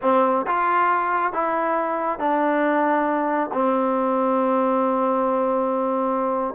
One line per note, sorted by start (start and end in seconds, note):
0.02 0.45 C4
0.46 1.32 F4
1.32 2.19 E4
2.19 3.50 D4
3.52 6.54 C4